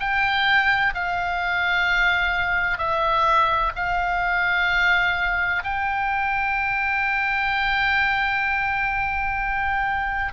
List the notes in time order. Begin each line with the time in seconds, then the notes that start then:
0.00 G5
0.95 F5
2.78 E5
3.76 F5
5.64 G5